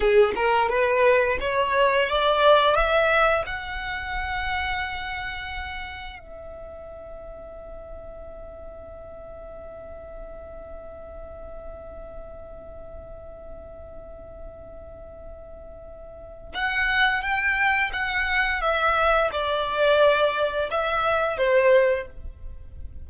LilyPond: \new Staff \with { instrumentName = "violin" } { \time 4/4 \tempo 4 = 87 gis'8 ais'8 b'4 cis''4 d''4 | e''4 fis''2.~ | fis''4 e''2.~ | e''1~ |
e''1~ | e''1 | fis''4 g''4 fis''4 e''4 | d''2 e''4 c''4 | }